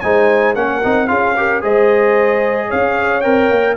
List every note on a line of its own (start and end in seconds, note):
0.00 0.55 G#3
0.00 0.55 D#4
0.00 0.57 C5
0.00 0.54 G#5
0.55 0.82 A#3
0.55 0.82 C#4
0.55 1.09 A#4
0.55 1.07 F#5
0.84 1.10 C4
0.84 1.07 D#4
1.07 1.63 C#4
1.07 1.34 F4
1.07 1.36 G#4
1.07 1.61 F5
1.36 1.61 G4
1.36 1.62 A#4
1.61 2.70 G#3
1.61 3.22 G#4
1.61 2.67 C5
1.61 2.70 D#5
2.67 3.24 C#4
2.67 3.74 C#5
2.67 3.21 F5
3.21 3.50 C4
3.21 3.76 A#4
3.21 3.74 G5
3.50 3.77 A#3